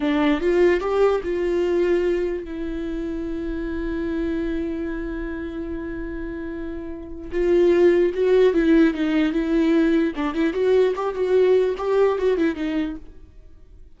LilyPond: \new Staff \with { instrumentName = "viola" } { \time 4/4 \tempo 4 = 148 d'4 f'4 g'4 f'4~ | f'2 e'2~ | e'1~ | e'1~ |
e'2 f'2 | fis'4 e'4 dis'4 e'4~ | e'4 d'8 e'8 fis'4 g'8 fis'8~ | fis'4 g'4 fis'8 e'8 dis'4 | }